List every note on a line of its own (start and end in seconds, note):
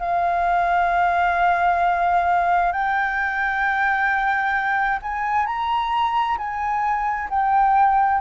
0.00 2.72 F5
2.72 5.00 G5
5.02 5.46 G#5
5.46 6.37 A#5
6.38 7.29 G#5
7.30 8.21 G5